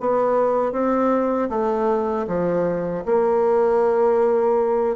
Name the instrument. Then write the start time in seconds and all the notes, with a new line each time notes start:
bassoon
0.00 B3
0.72 C4
1.49 A3
2.27 F3
3.05 A#3